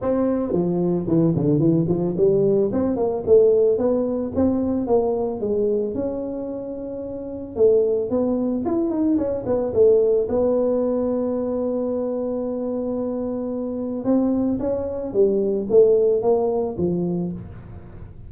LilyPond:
\new Staff \with { instrumentName = "tuba" } { \time 4/4 \tempo 4 = 111 c'4 f4 e8 d8 e8 f8 | g4 c'8 ais8 a4 b4 | c'4 ais4 gis4 cis'4~ | cis'2 a4 b4 |
e'8 dis'8 cis'8 b8 a4 b4~ | b1~ | b2 c'4 cis'4 | g4 a4 ais4 f4 | }